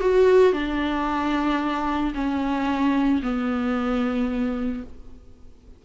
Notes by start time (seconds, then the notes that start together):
0.00 F#4
0.52 D4
2.14 C#4
3.22 B3